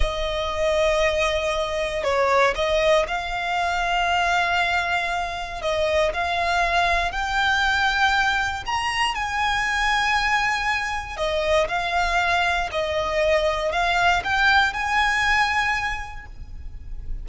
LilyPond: \new Staff \with { instrumentName = "violin" } { \time 4/4 \tempo 4 = 118 dis''1 | cis''4 dis''4 f''2~ | f''2. dis''4 | f''2 g''2~ |
g''4 ais''4 gis''2~ | gis''2 dis''4 f''4~ | f''4 dis''2 f''4 | g''4 gis''2. | }